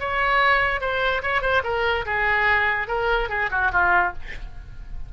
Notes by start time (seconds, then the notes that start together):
0.00 C#5
0.81 C5
1.23 C#5
1.42 C5
1.64 A#4
2.06 G#4
2.88 A#4
3.30 G#4
3.51 F#4
3.72 F4